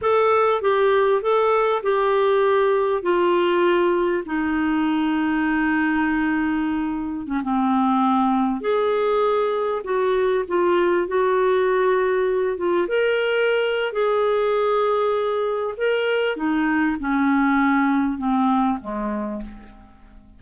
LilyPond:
\new Staff \with { instrumentName = "clarinet" } { \time 4/4 \tempo 4 = 99 a'4 g'4 a'4 g'4~ | g'4 f'2 dis'4~ | dis'1 | cis'16 c'2 gis'4.~ gis'16~ |
gis'16 fis'4 f'4 fis'4.~ fis'16~ | fis'8. f'8 ais'4.~ ais'16 gis'4~ | gis'2 ais'4 dis'4 | cis'2 c'4 gis4 | }